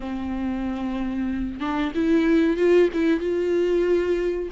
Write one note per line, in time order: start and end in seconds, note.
0.00 1.60 C4
1.60 1.92 D4
1.94 2.56 E4
2.56 2.89 F4
2.93 3.20 E4
3.20 4.49 F4